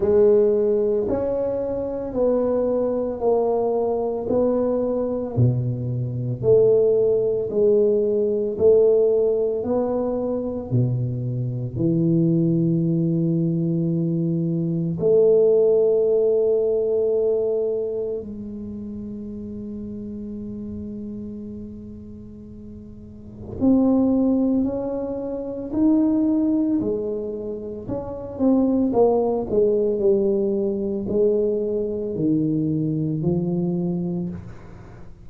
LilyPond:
\new Staff \with { instrumentName = "tuba" } { \time 4/4 \tempo 4 = 56 gis4 cis'4 b4 ais4 | b4 b,4 a4 gis4 | a4 b4 b,4 e4~ | e2 a2~ |
a4 gis2.~ | gis2 c'4 cis'4 | dis'4 gis4 cis'8 c'8 ais8 gis8 | g4 gis4 dis4 f4 | }